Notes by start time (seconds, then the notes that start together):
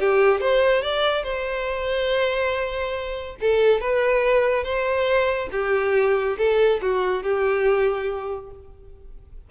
0.00 G4
0.41 C5
0.83 D5
1.24 C5
3.41 A4
3.81 B4
4.64 C5
5.52 G4
6.38 A4
6.82 F#4
7.23 G4